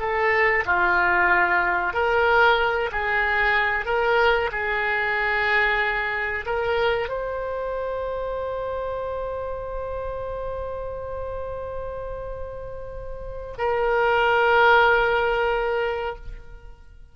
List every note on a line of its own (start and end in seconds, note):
0.00 0.65 A4
0.66 1.94 F4
1.94 2.90 A#4
2.92 3.86 G#4
3.86 4.50 A#4
4.52 6.46 G#4
6.46 7.09 A#4
7.09 13.54 C5
13.58 16.16 A#4